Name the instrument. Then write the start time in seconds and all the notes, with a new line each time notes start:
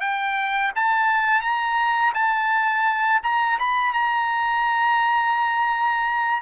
trumpet
0.00 G5
0.75 A5
1.41 A#5
2.14 A5
3.22 A#5
3.58 B5
3.93 A#5